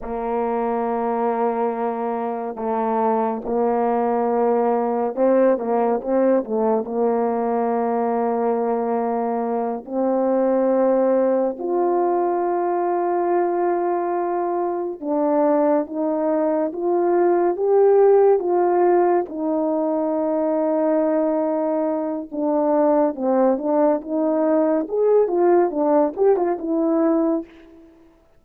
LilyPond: \new Staff \with { instrumentName = "horn" } { \time 4/4 \tempo 4 = 70 ais2. a4 | ais2 c'8 ais8 c'8 a8 | ais2.~ ais8 c'8~ | c'4. f'2~ f'8~ |
f'4. d'4 dis'4 f'8~ | f'8 g'4 f'4 dis'4.~ | dis'2 d'4 c'8 d'8 | dis'4 gis'8 f'8 d'8 g'16 f'16 e'4 | }